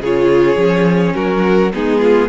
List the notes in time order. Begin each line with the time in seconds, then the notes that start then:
0.00 C#3 F4 G#4 C#5
0.56 F3 C#4
1.15 F#3 F#4 A#4
1.73 G#3 B3 D#4 G#4
2.00 F4